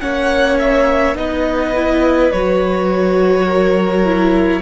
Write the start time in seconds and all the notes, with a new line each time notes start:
0.00 A#3 C#4 C#5 F#5
0.59 E5
1.15 B3 D#4 B4 D#5
1.75 E4
2.31 F#3 F#4 C#5
3.45 A#4
4.05 E4